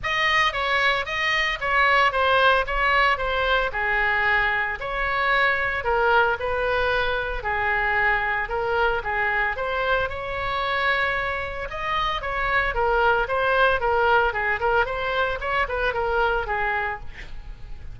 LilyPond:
\new Staff \with { instrumentName = "oboe" } { \time 4/4 \tempo 4 = 113 dis''4 cis''4 dis''4 cis''4 | c''4 cis''4 c''4 gis'4~ | gis'4 cis''2 ais'4 | b'2 gis'2 |
ais'4 gis'4 c''4 cis''4~ | cis''2 dis''4 cis''4 | ais'4 c''4 ais'4 gis'8 ais'8 | c''4 cis''8 b'8 ais'4 gis'4 | }